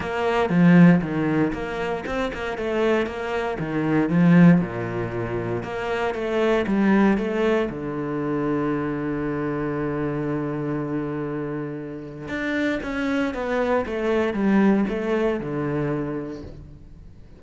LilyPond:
\new Staff \with { instrumentName = "cello" } { \time 4/4 \tempo 4 = 117 ais4 f4 dis4 ais4 | c'8 ais8 a4 ais4 dis4 | f4 ais,2 ais4 | a4 g4 a4 d4~ |
d1~ | d1 | d'4 cis'4 b4 a4 | g4 a4 d2 | }